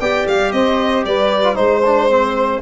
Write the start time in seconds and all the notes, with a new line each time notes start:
0.00 B3 G4 D5 G5
0.27 G3 F5
0.52 C4 C5 D#5
1.06 G3 B4 D5
1.44 F4
1.55 G#3 D#4 C5
1.85 D4
2.10 C4